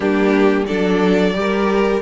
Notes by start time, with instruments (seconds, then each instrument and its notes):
0.00 cello G3, viola A#3, violin D4 G4
0.66 cello F#3, viola D4, violin A4 D5
1.34 cello G3, viola G4, violin A#4